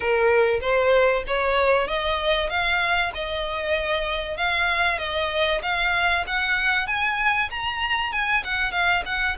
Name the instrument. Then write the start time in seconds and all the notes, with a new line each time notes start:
violin
0.00 A#4
0.61 C5
1.27 C#5
1.88 D#5
2.49 F5
3.14 D#5
4.37 F5
4.98 D#5
5.62 F5
6.26 F#5
6.87 G#5
7.50 A#5
8.12 G#5
8.43 F#5
8.71 F5
9.05 F#5